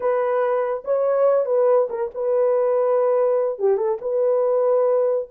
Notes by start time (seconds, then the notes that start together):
0.00 B4
0.84 C#5
1.45 B4
1.89 A#4
2.14 B4
3.59 G4
3.77 A4
4.01 B4